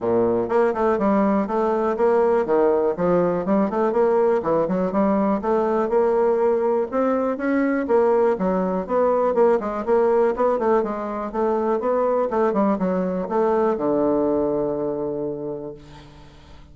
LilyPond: \new Staff \with { instrumentName = "bassoon" } { \time 4/4 \tempo 4 = 122 ais,4 ais8 a8 g4 a4 | ais4 dis4 f4 g8 a8 | ais4 e8 fis8 g4 a4 | ais2 c'4 cis'4 |
ais4 fis4 b4 ais8 gis8 | ais4 b8 a8 gis4 a4 | b4 a8 g8 fis4 a4 | d1 | }